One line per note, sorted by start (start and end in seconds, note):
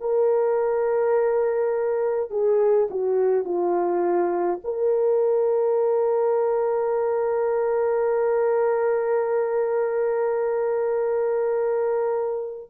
0.00 2.30 A#4
2.30 2.88 G#4
2.90 3.44 F#4
3.44 4.59 F4
4.64 12.70 A#4